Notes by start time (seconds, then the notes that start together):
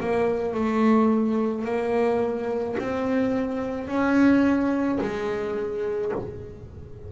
0.00 A#3
0.55 A3
1.65 A#3
2.79 C4
3.88 C#4
5.01 G#3